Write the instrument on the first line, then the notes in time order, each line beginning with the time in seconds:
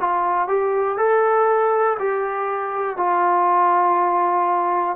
trombone
0.00 F4
0.48 G4
0.98 A4
1.99 G4
2.96 F4